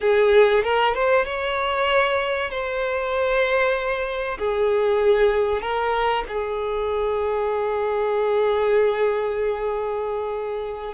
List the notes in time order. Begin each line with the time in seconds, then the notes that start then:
0.01 G#4
0.63 A#4
0.94 C5
1.25 C#5
2.50 C5
4.38 G#4
5.61 A#4
6.28 G#4